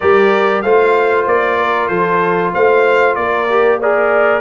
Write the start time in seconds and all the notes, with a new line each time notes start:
0.00 G3 G4 A#4 D5
0.62 A3 F4 C5 F5
1.26 A#3 D5
1.57 A#4
1.87 F3 A4 C5
2.53 A3 C5 F5
3.15 A#3 A#4 D5
3.49 G4
3.80 G#4 A#4 D5